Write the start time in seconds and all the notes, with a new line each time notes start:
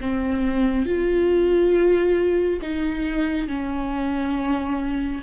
0.00 C4
0.86 F4
2.61 D#4
3.47 C#4